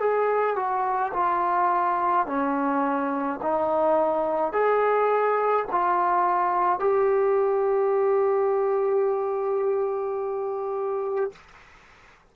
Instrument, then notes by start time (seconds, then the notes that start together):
trombone
0.00 G#4
0.56 F#4
1.14 F4
2.26 C#4
3.42 D#4
4.52 G#4
5.71 F4
6.80 G4